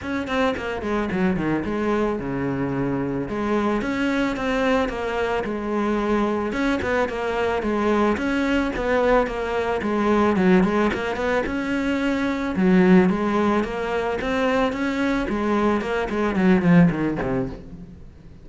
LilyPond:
\new Staff \with { instrumentName = "cello" } { \time 4/4 \tempo 4 = 110 cis'8 c'8 ais8 gis8 fis8 dis8 gis4 | cis2 gis4 cis'4 | c'4 ais4 gis2 | cis'8 b8 ais4 gis4 cis'4 |
b4 ais4 gis4 fis8 gis8 | ais8 b8 cis'2 fis4 | gis4 ais4 c'4 cis'4 | gis4 ais8 gis8 fis8 f8 dis8 c8 | }